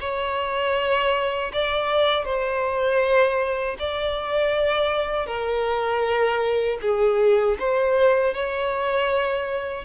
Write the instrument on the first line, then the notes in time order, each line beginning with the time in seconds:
violin
0.00 C#5
1.53 D5
2.25 C5
3.79 D5
5.26 A#4
6.81 G#4
7.59 C5
8.34 C#5